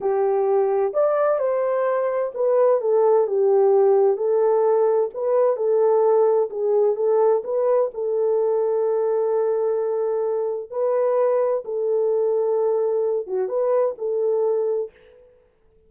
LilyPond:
\new Staff \with { instrumentName = "horn" } { \time 4/4 \tempo 4 = 129 g'2 d''4 c''4~ | c''4 b'4 a'4 g'4~ | g'4 a'2 b'4 | a'2 gis'4 a'4 |
b'4 a'2.~ | a'2. b'4~ | b'4 a'2.~ | a'8 fis'8 b'4 a'2 | }